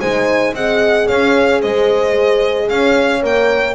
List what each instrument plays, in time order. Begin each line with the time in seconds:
0.00 double bass G#3, horn D#4 C5, violin G#5
0.53 double bass C4, horn G#4 D#5, violin F#5
1.07 double bass C#4, horn C#5, violin F5
1.60 double bass G#3, horn C5, violin D#5
2.68 double bass C#4, horn C#5, violin F5
3.22 double bass A#3, horn A#4, violin G5